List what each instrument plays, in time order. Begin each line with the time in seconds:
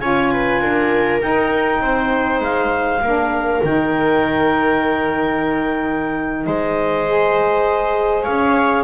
0.00 double bass C#4, saxophone F4, viola C#5, clarinet G#5
0.33 viola B4
0.61 double bass D4, viola A#4
1.20 saxophone D#4, double bass D#4, clarinet G5
1.81 double bass C4, viola C5
2.41 double bass G#3, clarinet F5
3.01 double bass A#3, saxophone D4, viola A#4
3.64 double bass D#3, saxophone D#4, clarinet G5
6.46 double bass G#3, viola C5, clarinet D#5
7.07 saxophone G#4
8.24 double bass C#4, viola C#5, clarinet F5